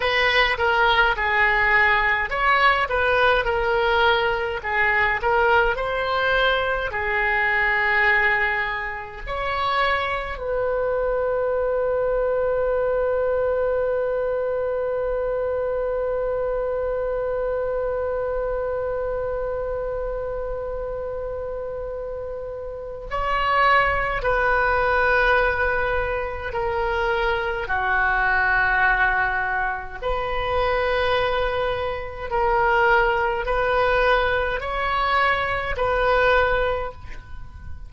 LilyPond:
\new Staff \with { instrumentName = "oboe" } { \time 4/4 \tempo 4 = 52 b'8 ais'8 gis'4 cis''8 b'8 ais'4 | gis'8 ais'8 c''4 gis'2 | cis''4 b'2.~ | b'1~ |
b'1 | cis''4 b'2 ais'4 | fis'2 b'2 | ais'4 b'4 cis''4 b'4 | }